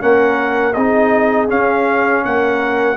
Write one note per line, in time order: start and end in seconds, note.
0.00 0.76 A#3
0.00 0.74 C#4
0.00 0.75 A#4
0.00 0.73 F#5
0.73 1.50 C4
0.73 1.48 D#4
0.73 2.24 G#4
0.73 1.48 D#5
1.48 2.96 C#4
1.48 2.25 C#4
1.48 2.24 F5
2.24 2.96 A#3
2.24 2.96 A#4
2.24 2.96 F#5